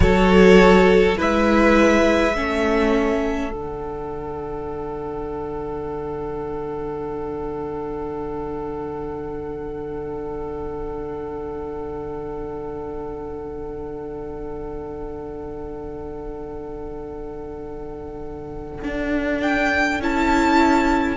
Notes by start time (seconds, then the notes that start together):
0.00 F#3 F#4 A4 C#5
1.16 G#3 E4 B4 E5
2.34 A3 C#4 A4
3.51 D3 D4 F#5
18.83 D4
19.41 G5
20.00 C#4 E4 A5